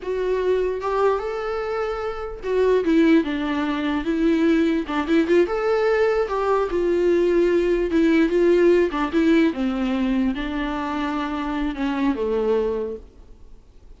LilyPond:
\new Staff \with { instrumentName = "viola" } { \time 4/4 \tempo 4 = 148 fis'2 g'4 a'4~ | a'2 fis'4 e'4 | d'2 e'2 | d'8 e'8 f'8 a'2 g'8~ |
g'8 f'2. e'8~ | e'8 f'4. d'8 e'4 c'8~ | c'4. d'2~ d'8~ | d'4 cis'4 a2 | }